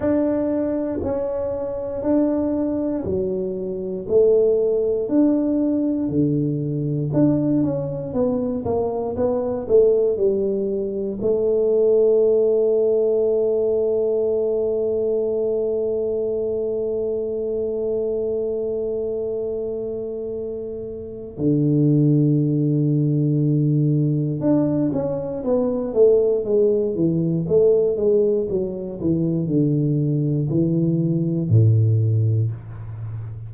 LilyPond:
\new Staff \with { instrumentName = "tuba" } { \time 4/4 \tempo 4 = 59 d'4 cis'4 d'4 fis4 | a4 d'4 d4 d'8 cis'8 | b8 ais8 b8 a8 g4 a4~ | a1~ |
a1~ | a4 d2. | d'8 cis'8 b8 a8 gis8 e8 a8 gis8 | fis8 e8 d4 e4 a,4 | }